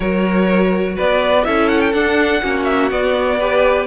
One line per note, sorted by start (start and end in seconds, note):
0.00 0.96 F#3
0.00 1.44 F#4
0.00 0.95 A#4
0.00 0.97 C#5
0.95 1.46 B3
0.95 1.43 B4
0.95 1.44 D5
1.44 1.93 C#4
1.44 1.92 E4
1.44 2.42 A4
1.44 1.68 E5
1.68 1.80 F#5
1.80 1.92 G5
1.92 2.42 D4
1.92 2.64 F#5
2.42 2.91 A#3
2.42 2.90 C#4
2.42 3.39 F#4
2.64 2.88 E5
2.90 3.38 B3
2.90 3.86 B3
2.90 3.86 D5
3.39 3.86 G4
3.39 3.86 B4